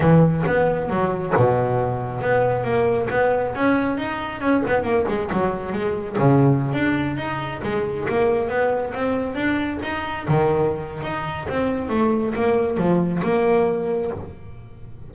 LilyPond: \new Staff \with { instrumentName = "double bass" } { \time 4/4 \tempo 4 = 136 e4 b4 fis4 b,4~ | b,4 b4 ais4 b4 | cis'4 dis'4 cis'8 b8 ais8 gis8 | fis4 gis4 cis4~ cis16 d'8.~ |
d'16 dis'4 gis4 ais4 b8.~ | b16 c'4 d'4 dis'4 dis8.~ | dis4 dis'4 c'4 a4 | ais4 f4 ais2 | }